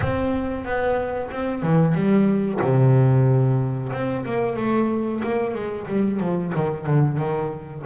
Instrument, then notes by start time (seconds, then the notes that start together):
double bass
0.00 C4
0.64 B3
1.30 C4
1.62 E3
1.94 G3
2.61 C3
3.92 C4
4.25 A#3
4.56 A3
5.23 A#3
5.54 G#3
5.87 G3
6.20 F3
6.55 D#3
6.86 D3
7.17 D#3